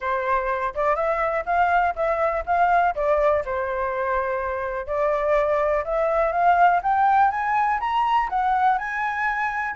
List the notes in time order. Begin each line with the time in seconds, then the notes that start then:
0.00 C5
0.74 D5
0.95 E5
1.45 F5
1.95 E5
2.45 F5
2.95 D5
3.45 C5
4.86 D5
5.84 E5
6.32 F5
6.82 G5
7.30 G#5
7.80 A#5
8.29 F#5
8.78 G#5